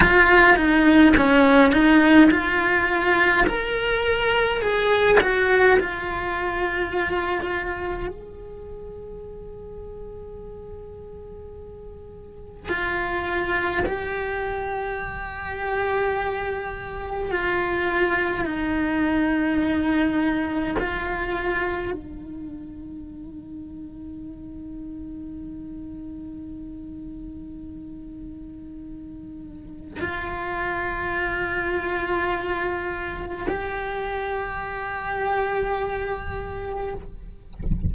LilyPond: \new Staff \with { instrumentName = "cello" } { \time 4/4 \tempo 4 = 52 f'8 dis'8 cis'8 dis'8 f'4 ais'4 | gis'8 fis'8 f'2 gis'4~ | gis'2. f'4 | g'2. f'4 |
dis'2 f'4 dis'4~ | dis'1~ | dis'2 f'2~ | f'4 g'2. | }